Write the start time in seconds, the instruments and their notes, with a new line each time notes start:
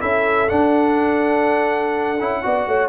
0.00 tuba C#4, trombone E4, horn A4, trumpet E5
0.49 trombone D4, tuba D4, trumpet F#5
2.21 tuba C#4, trombone E4
2.43 tuba B3, trombone F#4, horn D5
2.68 tuba A3, horn C#5